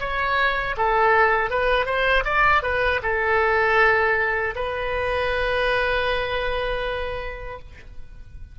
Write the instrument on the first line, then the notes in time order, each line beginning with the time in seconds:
oboe
0.00 C#5
0.77 A4
1.51 B4
1.86 C5
2.25 D5
2.63 B4
3.03 A4
4.56 B4